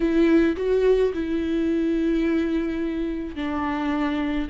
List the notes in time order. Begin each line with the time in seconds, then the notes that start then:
0.00 E4
0.56 F#4
1.13 E4
3.35 D4